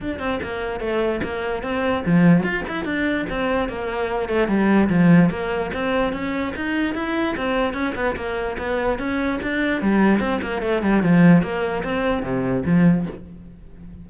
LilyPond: \new Staff \with { instrumentName = "cello" } { \time 4/4 \tempo 4 = 147 d'8 c'8 ais4 a4 ais4 | c'4 f4 f'8 e'8 d'4 | c'4 ais4. a8 g4 | f4 ais4 c'4 cis'4 |
dis'4 e'4 c'4 cis'8 b8 | ais4 b4 cis'4 d'4 | g4 c'8 ais8 a8 g8 f4 | ais4 c'4 c4 f4 | }